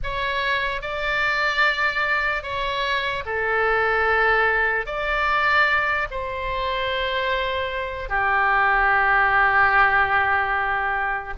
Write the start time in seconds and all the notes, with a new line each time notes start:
0.03 C#5
0.81 D5
2.42 C#5
3.25 A4
4.86 D5
6.10 C5
8.09 G4